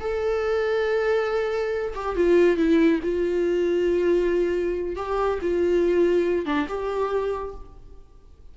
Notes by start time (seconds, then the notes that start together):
0.00 A4
1.95 G4
2.16 F4
2.57 E4
3.03 F4
4.96 G4
5.42 F4
6.46 D4
6.68 G4